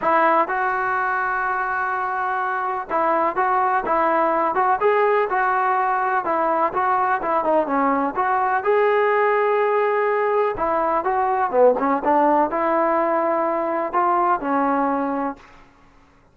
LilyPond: \new Staff \with { instrumentName = "trombone" } { \time 4/4 \tempo 4 = 125 e'4 fis'2.~ | fis'2 e'4 fis'4 | e'4. fis'8 gis'4 fis'4~ | fis'4 e'4 fis'4 e'8 dis'8 |
cis'4 fis'4 gis'2~ | gis'2 e'4 fis'4 | b8 cis'8 d'4 e'2~ | e'4 f'4 cis'2 | }